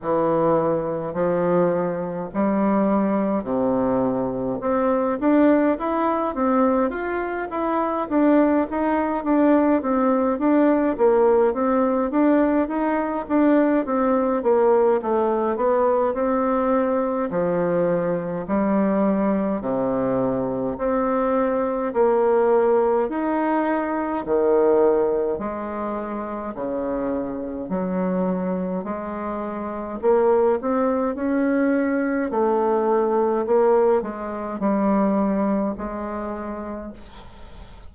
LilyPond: \new Staff \with { instrumentName = "bassoon" } { \time 4/4 \tempo 4 = 52 e4 f4 g4 c4 | c'8 d'8 e'8 c'8 f'8 e'8 d'8 dis'8 | d'8 c'8 d'8 ais8 c'8 d'8 dis'8 d'8 | c'8 ais8 a8 b8 c'4 f4 |
g4 c4 c'4 ais4 | dis'4 dis4 gis4 cis4 | fis4 gis4 ais8 c'8 cis'4 | a4 ais8 gis8 g4 gis4 | }